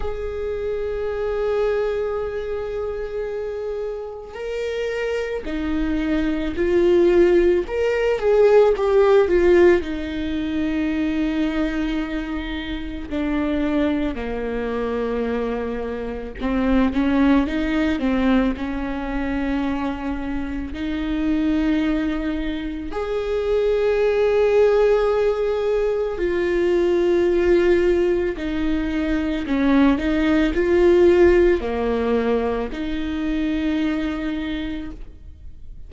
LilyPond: \new Staff \with { instrumentName = "viola" } { \time 4/4 \tempo 4 = 55 gis'1 | ais'4 dis'4 f'4 ais'8 gis'8 | g'8 f'8 dis'2. | d'4 ais2 c'8 cis'8 |
dis'8 c'8 cis'2 dis'4~ | dis'4 gis'2. | f'2 dis'4 cis'8 dis'8 | f'4 ais4 dis'2 | }